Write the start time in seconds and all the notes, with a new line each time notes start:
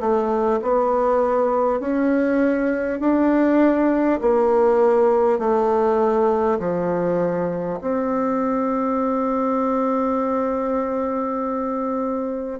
0.00 A3
0.62 B3
1.81 C#4
3.00 D4
4.21 A#3
5.39 A3
6.59 F3
7.81 C4